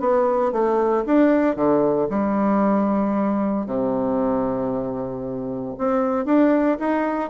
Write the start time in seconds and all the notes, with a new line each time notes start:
0.00 B3
0.52 A3
1.06 D4
1.56 D3
2.10 G3
3.66 C3
5.78 C4
6.26 D4
6.79 D#4